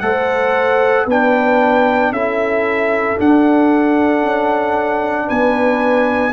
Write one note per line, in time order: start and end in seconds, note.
0.00 1.06 A3
0.00 1.07 A4
0.00 1.06 C5
0.00 1.05 F#5
1.06 2.11 B3
1.06 2.14 D4
1.06 2.11 B4
1.06 2.13 G5
2.11 3.16 C#4
2.11 3.17 E4
2.11 5.26 A4
2.11 3.18 E5
3.17 6.32 D4
3.17 4.22 D4
3.17 5.29 F#5
4.22 5.27 C#4
5.26 6.32 B3
5.26 6.31 B4
5.26 6.32 G#5